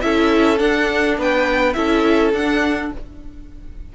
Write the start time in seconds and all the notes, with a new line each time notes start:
0.00 C#4 E4 A4 E5
0.57 D4 F#5
1.17 B3 B4 G5
1.73 C#4 E4 A4 E5
2.33 D4 F#5